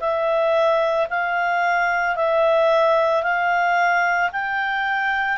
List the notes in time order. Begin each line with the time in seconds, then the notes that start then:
0.00 E5
1.10 F5
2.16 E5
3.23 F5
4.32 G5